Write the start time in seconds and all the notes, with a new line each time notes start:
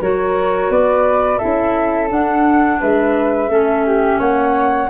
0.00 F#3 F#4 A#4 C#5
0.70 B3 B4 D5
1.38 E4 A4 E5
1.44 C#4
2.09 D4 F#5
2.80 G#3 B4 E5
3.48 A3 C#4 A4
3.86 G4
4.19 A#3 C#5 F#5